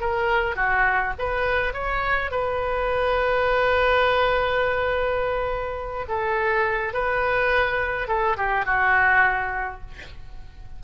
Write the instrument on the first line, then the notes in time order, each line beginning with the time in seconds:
oboe
0.00 A#4
0.56 F#4
1.19 B4
1.74 C#5
2.31 B4
6.08 A4
6.93 B4
8.08 A4
8.37 G4
8.66 F#4